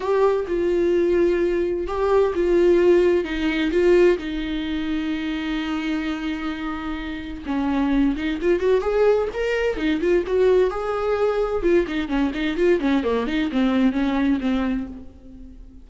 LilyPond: \new Staff \with { instrumentName = "viola" } { \time 4/4 \tempo 4 = 129 g'4 f'2. | g'4 f'2 dis'4 | f'4 dis'2.~ | dis'1 |
cis'4. dis'8 f'8 fis'8 gis'4 | ais'4 dis'8 f'8 fis'4 gis'4~ | gis'4 f'8 dis'8 cis'8 dis'8 f'8 cis'8 | ais8 dis'8 c'4 cis'4 c'4 | }